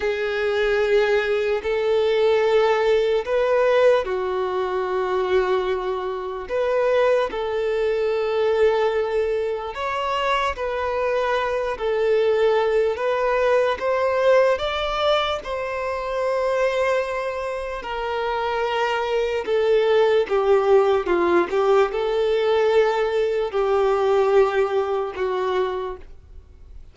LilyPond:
\new Staff \with { instrumentName = "violin" } { \time 4/4 \tempo 4 = 74 gis'2 a'2 | b'4 fis'2. | b'4 a'2. | cis''4 b'4. a'4. |
b'4 c''4 d''4 c''4~ | c''2 ais'2 | a'4 g'4 f'8 g'8 a'4~ | a'4 g'2 fis'4 | }